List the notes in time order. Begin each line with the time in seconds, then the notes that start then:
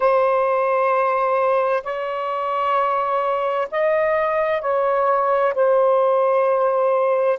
0.00 C5
1.83 C#5
3.71 D#5
4.61 C#5
5.54 C5